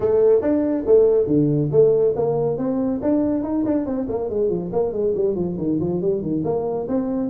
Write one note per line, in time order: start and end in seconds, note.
0.00 0.41 A3
0.41 0.84 D4
0.86 1.26 A3
1.26 1.69 D3
1.71 2.14 A3
2.15 2.57 A#3
2.57 3.00 C4
3.02 3.43 D4
3.43 3.64 D#4
3.65 3.86 D4
3.86 4.07 C4
4.09 4.29 A#3
4.29 4.49 G#3
4.49 4.71 F3
4.72 4.92 A#3
4.92 5.13 G#3
5.15 5.35 G3
5.35 5.56 F3
5.57 5.79 D#3
5.80 6.01 F3
6.01 6.21 G3
6.21 6.43 D#3
6.44 6.87 A#3
6.88 7.29 C4